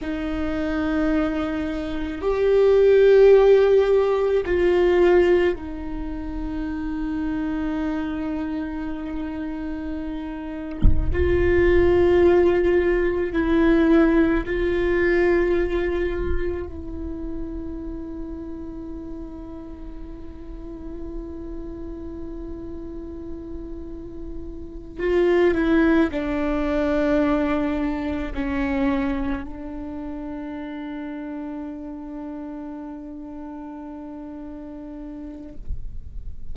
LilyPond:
\new Staff \with { instrumentName = "viola" } { \time 4/4 \tempo 4 = 54 dis'2 g'2 | f'4 dis'2.~ | dis'2 f'2 | e'4 f'2 e'4~ |
e'1~ | e'2~ e'8 f'8 e'8 d'8~ | d'4. cis'4 d'4.~ | d'1 | }